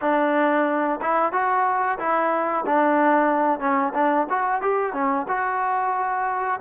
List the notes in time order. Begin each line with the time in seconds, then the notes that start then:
0.01 D4
1.01 E4
1.32 F#4
1.98 E4
2.66 D4
3.59 C#4
3.94 D4
4.29 F#4
4.61 G4
4.93 C#4
5.27 F#4